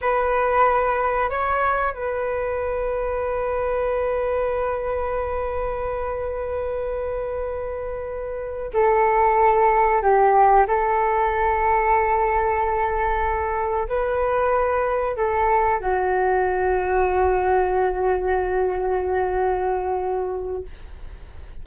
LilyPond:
\new Staff \with { instrumentName = "flute" } { \time 4/4 \tempo 4 = 93 b'2 cis''4 b'4~ | b'1~ | b'1~ | b'4. a'2 g'8~ |
g'8 a'2.~ a'8~ | a'4. b'2 a'8~ | a'8 fis'2.~ fis'8~ | fis'1 | }